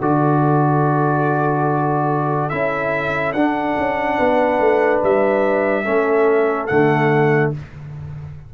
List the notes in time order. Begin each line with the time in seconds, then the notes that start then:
0.00 D3 F#4 A4 D5
2.49 C#4 E4 E5
3.33 D4 F#5
3.77 C#4
4.17 B3 B4
4.59 A3
5.02 G3 E5
5.84 A3 C#4 A4
6.67 D3 A3 F#5